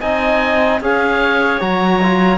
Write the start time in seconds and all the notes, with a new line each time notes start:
0.00 C4 D#4 D#5 G#5
0.80 C#4 G#4 C#5 F5
1.60 F#3 F#4 A#5
2.02 F4